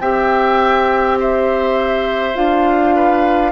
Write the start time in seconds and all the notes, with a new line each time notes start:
0.00 C4 G4 E5 G5
1.20 C5 E5
2.35 D4 F4 F5
2.96 B4